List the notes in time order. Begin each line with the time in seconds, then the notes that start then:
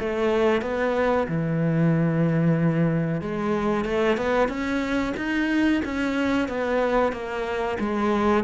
0.00 A3
0.62 B3
1.28 E3
3.22 G#3
3.85 A3
4.18 B3
4.49 C#4
5.17 D#4
5.85 C#4
6.48 B3
7.13 A#3
7.80 G#3